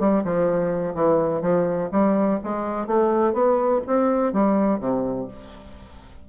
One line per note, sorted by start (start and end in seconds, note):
0.00 0.24 G3
0.24 0.95 F3
0.95 1.42 E3
1.42 1.90 F3
1.92 2.40 G3
2.44 2.87 G#3
2.87 3.34 A3
3.34 3.82 B3
3.87 4.33 C4
4.33 4.80 G3
4.80 5.28 C3